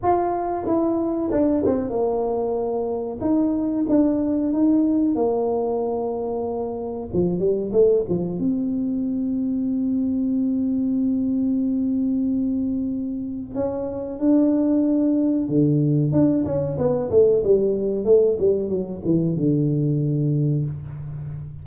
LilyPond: \new Staff \with { instrumentName = "tuba" } { \time 4/4 \tempo 4 = 93 f'4 e'4 d'8 c'8 ais4~ | ais4 dis'4 d'4 dis'4 | ais2. f8 g8 | a8 f8 c'2.~ |
c'1~ | c'4 cis'4 d'2 | d4 d'8 cis'8 b8 a8 g4 | a8 g8 fis8 e8 d2 | }